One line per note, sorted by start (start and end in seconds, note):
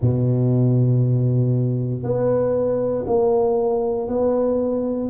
0.01 2.03 B2
2.03 3.05 B3
3.06 4.07 A#3
4.07 5.09 B3